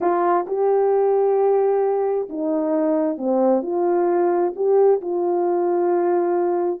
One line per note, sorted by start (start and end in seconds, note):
0.00 0.46 F4
0.47 2.29 G4
2.29 3.17 D#4
3.17 3.62 C4
3.62 4.53 F4
4.55 5.00 G4
5.01 6.80 F4